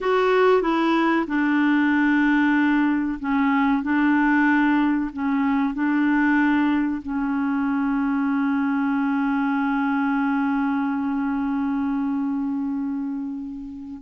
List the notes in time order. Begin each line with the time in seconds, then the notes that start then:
0.00 F#4
0.62 E4
1.27 D4
3.19 C#4
3.83 D4
5.12 C#4
5.73 D4
7.02 C#4